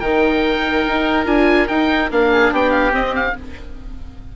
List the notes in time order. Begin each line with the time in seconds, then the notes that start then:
0.00 D#3 D#4 A#4 G5
0.87 D#4
1.26 D4 F4 G#5
1.68 D#4 G5
2.11 A#3 D4 F5
2.32 G#4
2.51 B3 G4 G5
2.71 F5
2.92 C4 D#5
3.15 F5